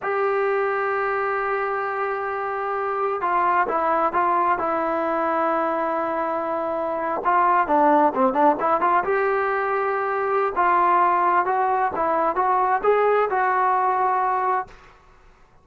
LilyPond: \new Staff \with { instrumentName = "trombone" } { \time 4/4 \tempo 4 = 131 g'1~ | g'2. f'4 | e'4 f'4 e'2~ | e'2.~ e'8. f'16~ |
f'8. d'4 c'8 d'8 e'8 f'8 g'16~ | g'2. f'4~ | f'4 fis'4 e'4 fis'4 | gis'4 fis'2. | }